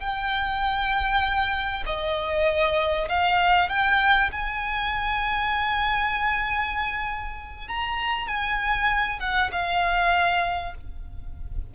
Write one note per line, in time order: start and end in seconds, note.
0.00 1.84 G5
1.86 3.08 D#5
3.09 3.69 F5
3.69 4.31 G5
4.32 7.68 G#5
7.68 8.28 A#5
8.28 9.20 G#5
9.20 9.50 F#5
9.52 10.74 F5